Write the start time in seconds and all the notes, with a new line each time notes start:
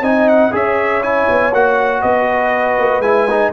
0.00 C4 D#4 D#5 G#5
0.28 F#5
0.51 C#4 G#4 C#5 E5
1.02 E4 G#5
1.29 B3
1.52 A#3 F#4 F#5
2.01 B3 B4 D#5
2.78 A#3
2.99 G#3 E4 G#5
3.30 D#4